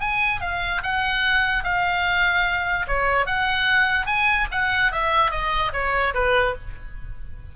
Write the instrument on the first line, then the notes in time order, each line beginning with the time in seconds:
oboe
0.00 G#5
0.41 F5
0.83 F#5
1.64 F5
2.87 C#5
3.26 F#5
4.06 G#5
4.51 F#5
4.92 E5
5.31 D#5
5.73 C#5
6.14 B4